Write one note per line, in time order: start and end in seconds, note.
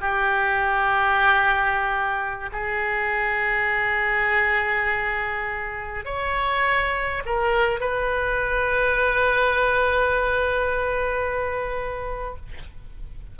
0.00 2.50 G4
2.52 6.05 G#4
6.05 7.22 C#5
7.25 7.80 A#4
7.80 12.36 B4